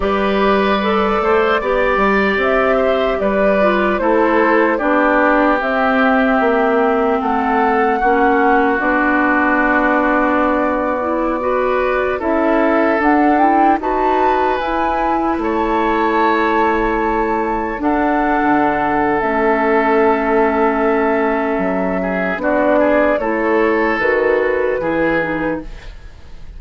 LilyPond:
<<
  \new Staff \with { instrumentName = "flute" } { \time 4/4 \tempo 4 = 75 d''2. e''4 | d''4 c''4 d''4 e''4~ | e''4 fis''2 d''4~ | d''2.~ d''16 e''8.~ |
e''16 fis''8 g''8 a''4 gis''4 a''8.~ | a''2~ a''16 fis''4.~ fis''16 | e''1 | d''4 cis''4 b'2 | }
  \new Staff \with { instrumentName = "oboe" } { \time 4/4 b'4. c''8 d''4. c''8 | b'4 a'4 g'2~ | g'4 a'4 fis'2~ | fis'2~ fis'16 b'4 a'8.~ |
a'4~ a'16 b'2 cis''8.~ | cis''2~ cis''16 a'4.~ a'16~ | a'2.~ a'8 gis'8 | fis'8 gis'8 a'2 gis'4 | }
  \new Staff \with { instrumentName = "clarinet" } { \time 4/4 g'4 a'4 g'2~ | g'8 f'8 e'4 d'4 c'4~ | c'2 cis'4 d'4~ | d'4.~ d'16 e'8 fis'4 e'8.~ |
e'16 d'8 e'8 fis'4 e'4.~ e'16~ | e'2~ e'16 d'4.~ d'16 | cis'1 | d'4 e'4 fis'4 e'8 dis'8 | }
  \new Staff \with { instrumentName = "bassoon" } { \time 4/4 g4. a8 b8 g8 c'4 | g4 a4 b4 c'4 | ais4 a4 ais4 b4~ | b2.~ b16 cis'8.~ |
cis'16 d'4 dis'4 e'4 a8.~ | a2~ a16 d'8. d4 | a2. fis4 | b4 a4 dis4 e4 | }
>>